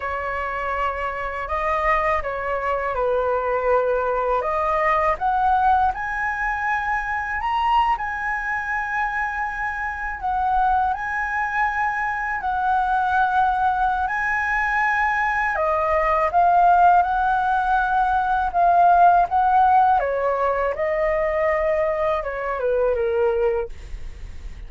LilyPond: \new Staff \with { instrumentName = "flute" } { \time 4/4 \tempo 4 = 81 cis''2 dis''4 cis''4 | b'2 dis''4 fis''4 | gis''2 ais''8. gis''4~ gis''16~ | gis''4.~ gis''16 fis''4 gis''4~ gis''16~ |
gis''8. fis''2~ fis''16 gis''4~ | gis''4 dis''4 f''4 fis''4~ | fis''4 f''4 fis''4 cis''4 | dis''2 cis''8 b'8 ais'4 | }